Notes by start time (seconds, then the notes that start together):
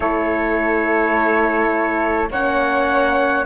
0.00 A3 E4 A4 C#5
2.30 A#3 C#4 C#5 F#5